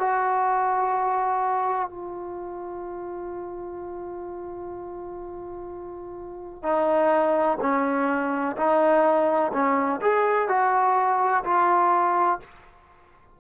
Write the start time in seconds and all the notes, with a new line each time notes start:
0.00 F#4
1.89 F4
6.63 D#4
7.61 C#4
8.57 D#4
9.53 C#4
10.02 G#4
10.49 F#4
11.45 F4